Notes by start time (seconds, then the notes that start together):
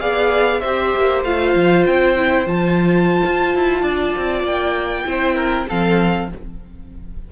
0.00 B3 G#4 D5 F5
0.61 C4 G4 C5 E5
0.95 A#3
1.24 A3 F4 F5
1.55 F3
1.86 C4 G5
2.17 E4
2.46 F3 F4 A5
3.25 F4
3.55 E4
3.82 D4 D5
4.17 C4
4.43 A#3 G5
5.06 C4 E4 C5
5.36 A#4
5.69 F3 C4 A4 F5